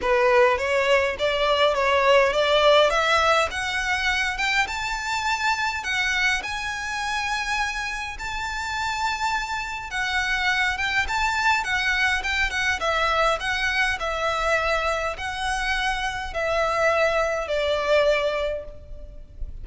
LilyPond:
\new Staff \with { instrumentName = "violin" } { \time 4/4 \tempo 4 = 103 b'4 cis''4 d''4 cis''4 | d''4 e''4 fis''4. g''8 | a''2 fis''4 gis''4~ | gis''2 a''2~ |
a''4 fis''4. g''8 a''4 | fis''4 g''8 fis''8 e''4 fis''4 | e''2 fis''2 | e''2 d''2 | }